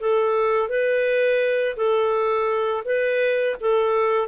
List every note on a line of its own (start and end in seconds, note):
0.00 0.69 A4
0.69 1.76 B4
1.77 2.84 A4
2.85 3.56 B4
3.60 4.28 A4